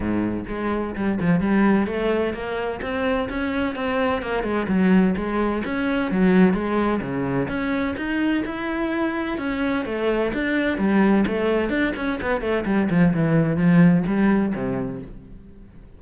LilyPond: \new Staff \with { instrumentName = "cello" } { \time 4/4 \tempo 4 = 128 gis,4 gis4 g8 f8 g4 | a4 ais4 c'4 cis'4 | c'4 ais8 gis8 fis4 gis4 | cis'4 fis4 gis4 cis4 |
cis'4 dis'4 e'2 | cis'4 a4 d'4 g4 | a4 d'8 cis'8 b8 a8 g8 f8 | e4 f4 g4 c4 | }